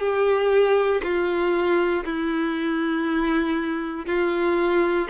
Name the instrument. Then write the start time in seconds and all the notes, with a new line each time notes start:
violin
0.00 G4
1.03 F4
2.05 E4
4.06 F4